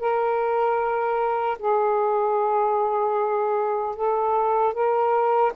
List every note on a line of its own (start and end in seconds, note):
0.00 1.58 A#4
1.59 3.95 G#4
3.96 4.74 A4
4.74 5.53 A#4